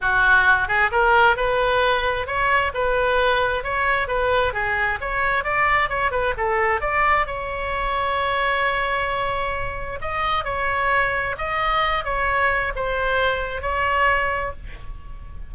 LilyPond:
\new Staff \with { instrumentName = "oboe" } { \time 4/4 \tempo 4 = 132 fis'4. gis'8 ais'4 b'4~ | b'4 cis''4 b'2 | cis''4 b'4 gis'4 cis''4 | d''4 cis''8 b'8 a'4 d''4 |
cis''1~ | cis''2 dis''4 cis''4~ | cis''4 dis''4. cis''4. | c''2 cis''2 | }